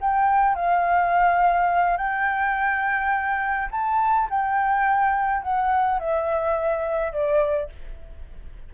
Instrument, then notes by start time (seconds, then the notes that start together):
flute
0.00 G5
0.55 F5
1.97 G5
3.71 A5
4.30 G5
5.42 F#5
5.99 E5
7.12 D5